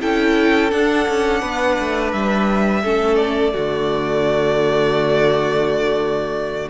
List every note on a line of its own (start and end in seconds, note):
0.00 0.72 C#4
0.00 0.71 E4
0.00 1.41 A4
0.00 0.70 G5
0.70 2.82 D4
0.70 1.07 D4
0.70 2.12 F#5
1.08 1.42 C#4
1.41 1.77 B3
1.41 2.82 B4
1.79 2.12 A3
2.12 2.83 G3
2.12 3.16 E5
2.83 3.54 A3
2.83 3.52 C#4
2.83 3.53 A4
3.16 6.69 D5
3.52 6.70 D3
3.52 6.70 A3
3.52 6.70 F#4